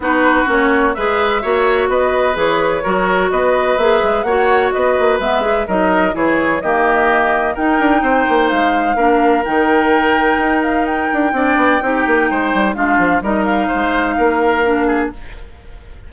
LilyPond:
<<
  \new Staff \with { instrumentName = "flute" } { \time 4/4 \tempo 4 = 127 b'4 cis''4 e''2 | dis''4 cis''2 dis''4 | e''4 fis''4 dis''4 e''4 | dis''4 cis''4 dis''2 |
g''2 f''2 | g''2~ g''8 f''8 g''4~ | g''2. f''4 | dis''8 f''2.~ f''8 | }
  \new Staff \with { instrumentName = "oboe" } { \time 4/4 fis'2 b'4 cis''4 | b'2 ais'4 b'4~ | b'4 cis''4 b'2 | ais'4 gis'4 g'2 |
ais'4 c''2 ais'4~ | ais'1 | d''4 g'4 c''4 f'4 | ais'4 c''4 ais'4. gis'8 | }
  \new Staff \with { instrumentName = "clarinet" } { \time 4/4 dis'4 cis'4 gis'4 fis'4~ | fis'4 gis'4 fis'2 | gis'4 fis'2 b8 gis'8 | dis'4 e'4 ais2 |
dis'2. d'4 | dis'1 | d'4 dis'2 d'4 | dis'2. d'4 | }
  \new Staff \with { instrumentName = "bassoon" } { \time 4/4 b4 ais4 gis4 ais4 | b4 e4 fis4 b4 | ais8 gis8 ais4 b8 ais8 gis4 | fis4 e4 dis2 |
dis'8 d'8 c'8 ais8 gis4 ais4 | dis2 dis'4. d'8 | c'8 b8 c'8 ais8 gis8 g8 gis8 f8 | g4 gis4 ais2 | }
>>